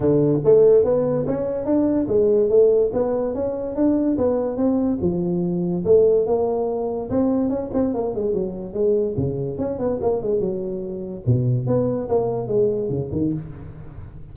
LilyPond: \new Staff \with { instrumentName = "tuba" } { \time 4/4 \tempo 4 = 144 d4 a4 b4 cis'4 | d'4 gis4 a4 b4 | cis'4 d'4 b4 c'4 | f2 a4 ais4~ |
ais4 c'4 cis'8 c'8 ais8 gis8 | fis4 gis4 cis4 cis'8 b8 | ais8 gis8 fis2 b,4 | b4 ais4 gis4 cis8 dis8 | }